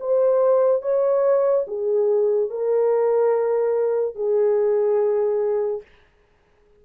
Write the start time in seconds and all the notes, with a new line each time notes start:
0.00 C5
0.82 C#5
1.67 G#4
2.50 A#4
4.15 G#4